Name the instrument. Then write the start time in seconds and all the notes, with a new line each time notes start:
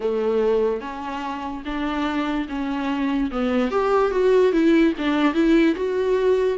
viola
0.00 A3
0.80 C#4
1.65 D4
2.48 C#4
3.31 B3
3.70 G4
4.11 F#4
4.52 E4
4.98 D4
5.34 E4
5.75 F#4